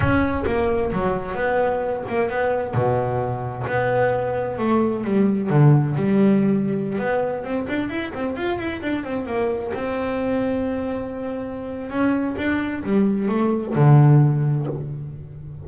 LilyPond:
\new Staff \with { instrumentName = "double bass" } { \time 4/4 \tempo 4 = 131 cis'4 ais4 fis4 b4~ | b8 ais8 b4 b,2 | b2 a4 g4 | d4 g2~ g16 b8.~ |
b16 c'8 d'8 e'8 c'8 f'8 e'8 d'8 c'16~ | c'16 ais4 c'2~ c'8.~ | c'2 cis'4 d'4 | g4 a4 d2 | }